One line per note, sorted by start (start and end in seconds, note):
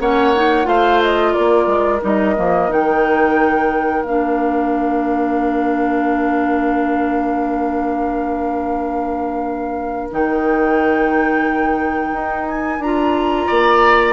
0.00 0.66 A#3
0.00 0.35 C#4
0.00 0.68 C#5
0.00 0.68 F#5
0.35 0.64 D#4
0.64 1.34 A3
0.64 1.99 F4
0.64 1.33 C5
0.64 1.02 F5
1.03 1.33 D#5
1.33 13.46 A#4
1.33 2.01 D5
1.39 1.67 A#3
1.67 2.00 G#3
2.02 2.37 G3
2.02 2.36 D#4
2.02 2.72 D#5
2.36 2.70 F3
2.36 2.70 A#3
2.70 4.02 D#3
2.70 4.05 D#4
2.70 4.03 G5
4.02 10.09 A#3
4.02 10.10 F5
4.09 10.12 D4
10.12 12.13 D#3
10.12 12.81 D#4
10.12 12.49 G5
12.13 12.79 D#4
12.49 12.82 G#5
12.79 13.46 D4
12.79 14.13 F4
12.79 14.13 A#5
13.47 14.13 A#3
13.47 14.13 D5